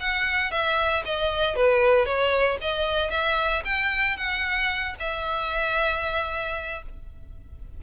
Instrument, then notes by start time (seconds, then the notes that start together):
violin
0.00 F#5
0.51 E5
1.05 D#5
1.56 B4
2.06 C#5
2.61 D#5
3.10 E5
3.65 G5
4.17 F#5
5.00 E5